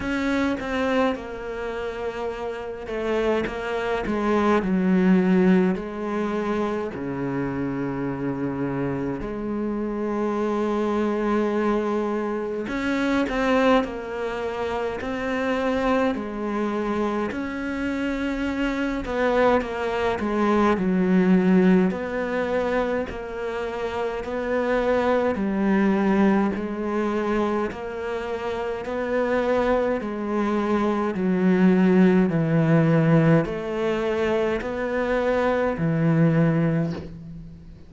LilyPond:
\new Staff \with { instrumentName = "cello" } { \time 4/4 \tempo 4 = 52 cis'8 c'8 ais4. a8 ais8 gis8 | fis4 gis4 cis2 | gis2. cis'8 c'8 | ais4 c'4 gis4 cis'4~ |
cis'8 b8 ais8 gis8 fis4 b4 | ais4 b4 g4 gis4 | ais4 b4 gis4 fis4 | e4 a4 b4 e4 | }